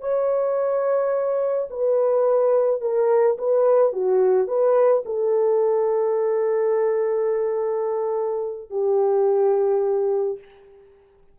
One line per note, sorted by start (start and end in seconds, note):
0.00 1.68 C#5
1.70 2.81 B4
2.81 3.37 A#4
3.38 3.93 B4
3.93 4.47 F#4
4.47 5.03 B4
5.05 8.70 A4
8.70 10.38 G4